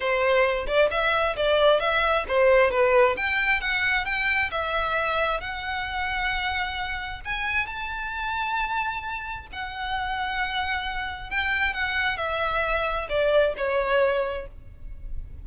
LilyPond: \new Staff \with { instrumentName = "violin" } { \time 4/4 \tempo 4 = 133 c''4. d''8 e''4 d''4 | e''4 c''4 b'4 g''4 | fis''4 g''4 e''2 | fis''1 |
gis''4 a''2.~ | a''4 fis''2.~ | fis''4 g''4 fis''4 e''4~ | e''4 d''4 cis''2 | }